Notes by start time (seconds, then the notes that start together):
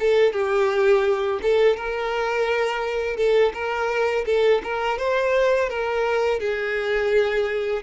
0.00 A4
0.32 G4
1.42 A4
1.77 A#4
3.17 A4
3.54 A#4
4.26 A4
4.63 A#4
4.98 C5
5.69 A#4
6.40 G#4